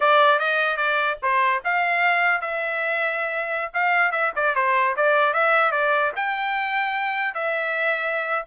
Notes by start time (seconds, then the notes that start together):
0.00 D5
0.39 D#5
0.77 D5
1.22 C5
1.64 F5
2.41 E5
3.73 F5
4.11 E5
4.35 D5
4.55 C5
4.96 D5
5.33 E5
5.71 D5
6.15 G5
7.34 E5